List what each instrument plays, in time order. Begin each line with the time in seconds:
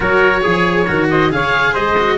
0.00 tuba F#3, cello F#4, trumpet A#4, oboe C#5
0.41 tuba F3, cello G#4, trumpet G#4
0.87 tuba D#3, cello F#4, trumpet A#4
1.09 trumpet C5, oboe D#5
1.30 tuba C#3, cello G#4, trumpet C#5, oboe F5
1.72 tuba G#3, trumpet C5, oboe D#5
1.97 cello F#4